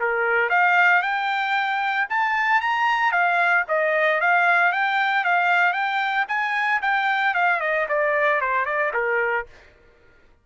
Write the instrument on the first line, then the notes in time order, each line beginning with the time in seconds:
trumpet
0.00 A#4
0.50 F5
1.02 G5
2.10 A5
2.61 A#5
3.12 F5
3.69 D#5
4.21 F5
4.72 G5
5.25 F5
5.73 G5
6.29 G#5
6.82 G5
7.34 F5
7.61 D#5
7.89 D5
8.41 C5
8.66 D5
8.94 A#4